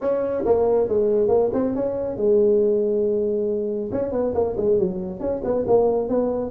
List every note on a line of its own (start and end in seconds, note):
0.01 0.44 C#4
0.45 0.88 A#3
0.88 1.28 G#3
1.28 1.49 A#3
1.53 1.75 C4
1.75 2.16 C#4
2.16 3.90 G#3
3.92 4.11 C#4
4.11 4.33 B3
4.34 4.56 A#3
4.56 4.78 G#3
4.78 5.20 F#3
5.20 5.41 C#4
5.43 5.65 B3
5.67 6.08 A#3
6.08 6.50 B3